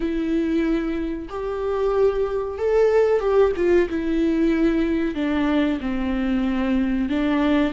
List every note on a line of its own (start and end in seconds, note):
0.00 1.28 E4
1.29 2.58 G4
2.58 3.19 A4
3.19 3.52 G4
3.56 3.88 F4
3.89 5.14 E4
5.14 5.79 D4
5.80 7.09 C4
7.09 7.72 D4